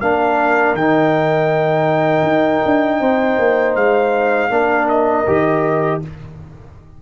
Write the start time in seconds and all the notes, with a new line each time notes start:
0.00 A#3 D4 A#4 F5
0.73 D#3 D#4 G5
2.22 D#4
2.65 D4
3.00 C4 C5
3.38 A#3
3.75 G#3 F5
4.50 A#3 D4 A#4
4.89 D#5
5.27 D#3 G4